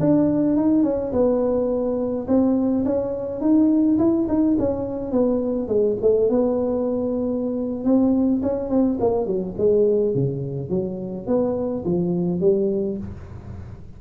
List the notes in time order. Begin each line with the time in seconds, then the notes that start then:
0.00 D4
0.56 D#4
0.83 C#4
1.12 B3
2.27 C4
2.85 C#4
3.41 D#4
3.98 E4
4.28 D#4
4.58 C#4
5.11 B3
5.68 G#3
6.01 A3
6.29 B3
7.84 C4
8.42 C#4
8.69 C4
8.99 A#3
9.26 F#3
9.57 G#3
10.14 C#3
10.69 F#3
11.27 B3
11.85 F3
12.40 G3